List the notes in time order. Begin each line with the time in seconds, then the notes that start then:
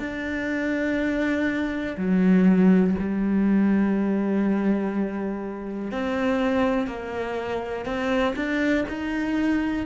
0.00 D4
1.98 F#3
2.99 G3
5.92 C4
6.87 A#3
7.86 C4
8.37 D4
8.89 D#4